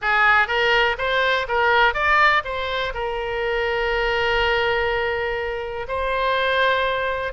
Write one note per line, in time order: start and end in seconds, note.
0.01 0.47 G#4
0.47 0.96 A#4
0.98 1.46 C5
1.47 1.94 A#4
1.94 2.42 D5
2.44 2.93 C5
2.94 5.86 A#4
5.88 7.32 C5